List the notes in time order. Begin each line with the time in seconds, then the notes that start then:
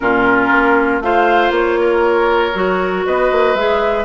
0.00 A#2 C#4 F4 A#4
0.51 A#3
1.00 A3 F4 C5 F5
1.50 A#3 C#5
1.80 A#4
2.54 F#3 F#4
3.06 B3 B4 D#5
3.31 A#3
3.55 G#3 G#4 E5